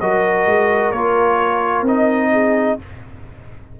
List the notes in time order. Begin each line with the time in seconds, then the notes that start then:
0.00 F#3 F#4 A#4 D#5
0.46 G#3
0.91 A#3 F4 C#5
1.82 C4 D#4 D#5
2.31 G#4